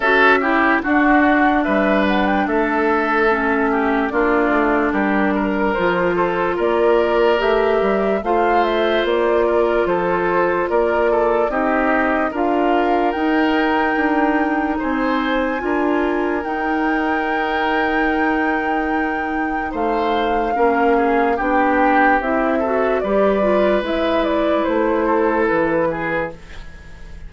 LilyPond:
<<
  \new Staff \with { instrumentName = "flute" } { \time 4/4 \tempo 4 = 73 e''4 fis''4 e''8 fis''16 g''16 e''4~ | e''4 d''4 ais'4 c''4 | d''4 e''4 f''8 e''8 d''4 | c''4 d''4 dis''4 f''4 |
g''2 gis''2 | g''1 | f''2 g''4 e''4 | d''4 e''8 d''8 c''4 b'4 | }
  \new Staff \with { instrumentName = "oboe" } { \time 4/4 a'8 g'8 fis'4 b'4 a'4~ | a'8 g'8 f'4 g'8 ais'4 a'8 | ais'2 c''4. ais'8 | a'4 ais'8 a'8 g'4 ais'4~ |
ais'2 c''4 ais'4~ | ais'1 | c''4 ais'8 gis'8 g'4. a'8 | b'2~ b'8 a'4 gis'8 | }
  \new Staff \with { instrumentName = "clarinet" } { \time 4/4 fis'8 e'8 d'2. | cis'4 d'2 f'4~ | f'4 g'4 f'2~ | f'2 dis'4 f'4 |
dis'2. f'4 | dis'1~ | dis'4 cis'4 d'4 e'8 fis'8 | g'8 f'8 e'2. | }
  \new Staff \with { instrumentName = "bassoon" } { \time 4/4 cis'4 d'4 g4 a4~ | a4 ais8 a8 g4 f4 | ais4 a8 g8 a4 ais4 | f4 ais4 c'4 d'4 |
dis'4 d'4 c'4 d'4 | dis'1 | a4 ais4 b4 c'4 | g4 gis4 a4 e4 | }
>>